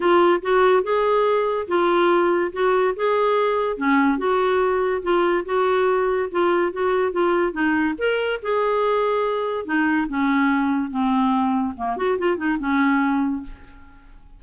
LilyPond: \new Staff \with { instrumentName = "clarinet" } { \time 4/4 \tempo 4 = 143 f'4 fis'4 gis'2 | f'2 fis'4 gis'4~ | gis'4 cis'4 fis'2 | f'4 fis'2 f'4 |
fis'4 f'4 dis'4 ais'4 | gis'2. dis'4 | cis'2 c'2 | ais8 fis'8 f'8 dis'8 cis'2 | }